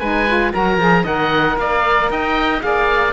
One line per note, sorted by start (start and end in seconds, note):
0.00 0.53 G#3
0.00 0.28 D#4
0.00 0.52 B4
0.00 0.52 G#5
0.28 0.53 F4
0.53 0.78 F#3
0.53 0.79 F#4
0.53 1.04 A#4
0.53 1.07 A#5
0.78 1.04 F3
0.78 1.05 G#4
1.04 1.57 D#3
1.04 2.60 A#4
1.04 1.56 D#5
1.04 1.59 F#5
1.57 2.10 A#3
1.57 2.11 D5
1.57 2.11 F5
2.10 2.62 D#4
2.10 2.64 D#5
2.10 2.62 G5
2.60 3.13 A#3
2.60 3.12 G#4
2.60 3.13 D5
2.60 3.13 F5